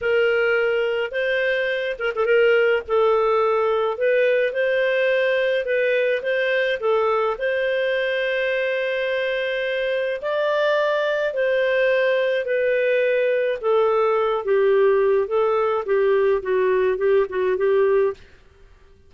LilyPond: \new Staff \with { instrumentName = "clarinet" } { \time 4/4 \tempo 4 = 106 ais'2 c''4. ais'16 a'16 | ais'4 a'2 b'4 | c''2 b'4 c''4 | a'4 c''2.~ |
c''2 d''2 | c''2 b'2 | a'4. g'4. a'4 | g'4 fis'4 g'8 fis'8 g'4 | }